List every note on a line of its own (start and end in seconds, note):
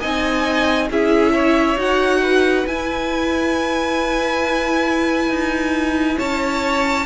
0.00 0.90 C4
0.00 0.90 D#4
0.00 0.88 D#5
0.00 0.89 G#5
0.90 1.76 C#4
0.90 1.77 E4
0.90 1.33 G#4
0.90 1.80 E5
1.33 2.21 C#5
1.76 2.65 D#4
1.76 2.65 F#4
1.76 2.67 F#5
2.22 6.18 B4
2.67 7.06 E4
2.67 5.30 E4
2.67 6.19 G#5
5.30 6.18 D#4
6.18 7.06 C#4
6.18 7.06 C#5
6.18 7.06 A5